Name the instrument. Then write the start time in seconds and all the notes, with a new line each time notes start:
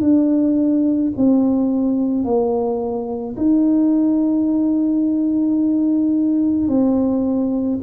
tuba
0.00 D4
1.17 C4
2.24 A#3
3.36 D#4
6.68 C4